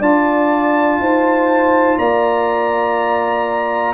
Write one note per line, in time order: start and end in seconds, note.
0.00 0.99 D4
0.00 3.94 F4
0.00 0.98 D5
0.00 1.99 A5
1.00 1.98 D#4
1.00 1.99 C5
1.99 3.94 A#3
1.99 3.94 D5
1.99 3.94 A#5